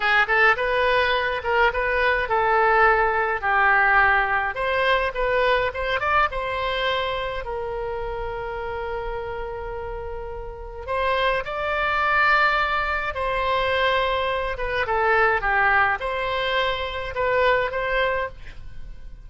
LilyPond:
\new Staff \with { instrumentName = "oboe" } { \time 4/4 \tempo 4 = 105 gis'8 a'8 b'4. ais'8 b'4 | a'2 g'2 | c''4 b'4 c''8 d''8 c''4~ | c''4 ais'2.~ |
ais'2. c''4 | d''2. c''4~ | c''4. b'8 a'4 g'4 | c''2 b'4 c''4 | }